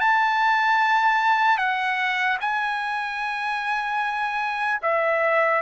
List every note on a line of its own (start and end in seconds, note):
0.00 1.57 A5
1.57 2.37 F#5
2.40 4.80 G#5
4.82 5.61 E5